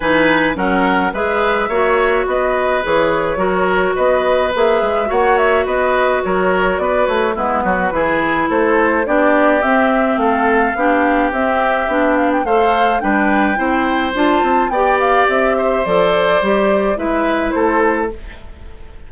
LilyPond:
<<
  \new Staff \with { instrumentName = "flute" } { \time 4/4 \tempo 4 = 106 gis''4 fis''4 e''2 | dis''4 cis''2 dis''4 | e''4 fis''8 e''8 dis''4 cis''4 | d''8 cis''8 b'2 c''4 |
d''4 e''4 f''2 | e''4. f''16 g''16 f''4 g''4~ | g''4 a''4 g''8 f''8 e''4 | d''2 e''4 c''4 | }
  \new Staff \with { instrumentName = "oboe" } { \time 4/4 b'4 ais'4 b'4 cis''4 | b'2 ais'4 b'4~ | b'4 cis''4 b'4 ais'4 | b'4 e'8 fis'8 gis'4 a'4 |
g'2 a'4 g'4~ | g'2 c''4 b'4 | c''2 d''4. c''8~ | c''2 b'4 a'4 | }
  \new Staff \with { instrumentName = "clarinet" } { \time 4/4 dis'4 cis'4 gis'4 fis'4~ | fis'4 gis'4 fis'2 | gis'4 fis'2.~ | fis'4 b4 e'2 |
d'4 c'2 d'4 | c'4 d'4 a'4 d'4 | e'4 f'4 g'2 | a'4 g'4 e'2 | }
  \new Staff \with { instrumentName = "bassoon" } { \time 4/4 e4 fis4 gis4 ais4 | b4 e4 fis4 b4 | ais8 gis8 ais4 b4 fis4 | b8 a8 gis8 fis8 e4 a4 |
b4 c'4 a4 b4 | c'4 b4 a4 g4 | c'4 d'8 c'8 b4 c'4 | f4 g4 gis4 a4 | }
>>